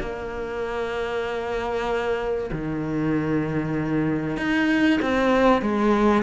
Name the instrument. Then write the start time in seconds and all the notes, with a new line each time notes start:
cello
0.00 A#3
2.52 D#3
4.37 D#4
5.02 C4
5.62 G#3